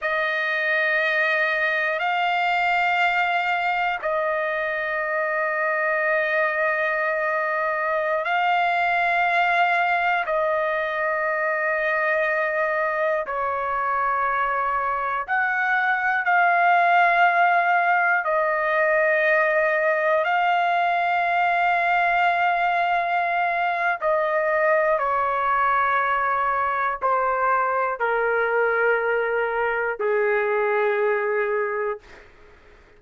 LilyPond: \new Staff \with { instrumentName = "trumpet" } { \time 4/4 \tempo 4 = 60 dis''2 f''2 | dis''1~ | dis''16 f''2 dis''4.~ dis''16~ | dis''4~ dis''16 cis''2 fis''8.~ |
fis''16 f''2 dis''4.~ dis''16~ | dis''16 f''2.~ f''8. | dis''4 cis''2 c''4 | ais'2 gis'2 | }